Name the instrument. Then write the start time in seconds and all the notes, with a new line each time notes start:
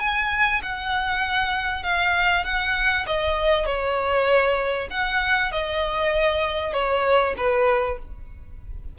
violin
0.00 G#5
0.63 F#5
1.83 F5
2.45 F#5
3.07 D#5
3.66 C#5
4.91 F#5
5.52 D#5
6.73 C#5
7.37 B4